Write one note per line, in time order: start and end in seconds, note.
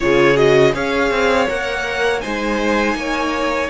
0.00 0.74 C#3
0.00 0.35 F4
0.00 0.74 G#4
0.00 0.36 C#5
0.35 0.72 F#4
0.35 0.73 D#5
0.73 1.10 C#4
0.73 1.46 G#4
0.73 2.22 C#5
0.73 1.48 F5
1.10 1.47 C4
1.46 2.24 A#3
1.46 2.21 A#4
1.46 2.21 F#5
2.21 2.94 G#3
2.21 3.70 D#4
2.21 2.96 C5
2.21 3.69 G#5
2.94 3.69 A#3
2.94 3.70 C#5